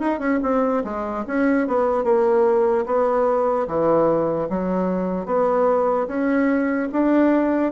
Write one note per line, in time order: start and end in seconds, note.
0.00 0.20 D#4
0.20 0.40 C#4
0.43 0.84 C4
0.84 1.25 G#3
1.27 1.68 C#4
1.68 2.04 B3
2.04 2.85 A#3
2.86 3.67 B3
3.67 4.49 E3
4.50 5.26 F#3
5.26 6.07 B3
6.08 6.89 C#4
6.93 7.72 D4